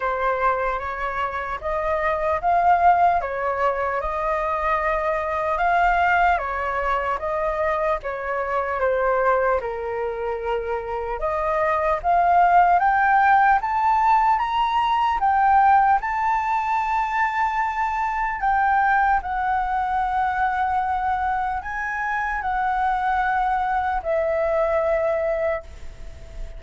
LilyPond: \new Staff \with { instrumentName = "flute" } { \time 4/4 \tempo 4 = 75 c''4 cis''4 dis''4 f''4 | cis''4 dis''2 f''4 | cis''4 dis''4 cis''4 c''4 | ais'2 dis''4 f''4 |
g''4 a''4 ais''4 g''4 | a''2. g''4 | fis''2. gis''4 | fis''2 e''2 | }